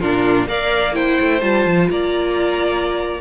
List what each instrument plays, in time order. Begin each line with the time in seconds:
0.00 cello A#2, viola D4, violin F4 A#4
0.47 cello A#3, viola A#4, violin D5 F5
0.93 viola E4, violin C5 G5
1.20 cello A3
1.40 cello G3, viola F4, violin A5
1.65 cello F3
1.90 cello A#3, violin D5 A#5